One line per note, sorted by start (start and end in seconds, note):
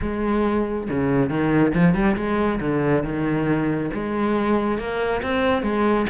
0.01 0.88 G#3
0.90 1.29 C#3
1.29 1.73 D#3
1.74 1.94 F3
1.94 2.16 G3
2.16 2.60 G#3
2.60 3.03 D3
3.03 3.90 D#3
3.93 4.78 G#3
4.78 5.21 A#3
5.22 5.62 C4
5.62 6.06 G#3